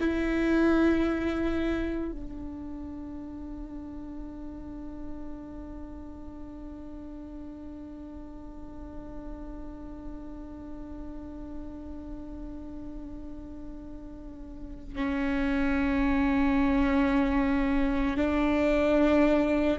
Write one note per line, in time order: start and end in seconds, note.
0.00 2.12 E4
2.12 14.96 D4
14.96 18.17 C#4
18.17 19.78 D4